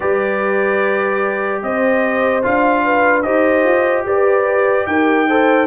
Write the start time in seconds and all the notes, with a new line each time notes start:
0.00 G3 G4 B4 D5
1.62 C4 C5 D#5
2.42 D4 F4 F5
2.84 B4
3.21 D#4 G4 C5 D#5
3.64 F4
4.05 G4 B4 D5
4.86 D#4 A#4 G5
5.28 A4 C5